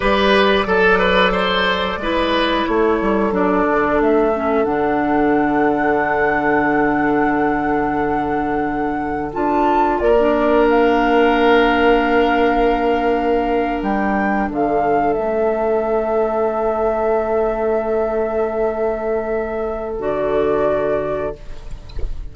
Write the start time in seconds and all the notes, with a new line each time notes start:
0.00 G3 G4 B4 D5
0.66 F#3 A4
0.98 B4
1.32 C5
1.97 G#3 E4 B4
2.65 A3 A4 C#5
3.01 G3
3.31 F#3 D4 D5
3.70 D3
4.00 A3 E5
4.34 C#4
4.64 D3 D4 F#5
9.32 D4 F4 A5
9.99 A#3 A#4 D5
10.19 D4
10.69 F5
13.82 G3 G5
14.48 D3 A4 F5
15.13 A3 C#4 E5
19.99 D3 F#4 D5